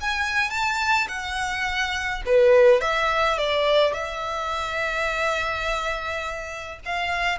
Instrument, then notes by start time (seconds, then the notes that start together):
violin
0.00 G#5
0.50 A5
1.08 F#5
2.25 B4
2.81 E5
3.37 D5
3.93 E5
6.85 F5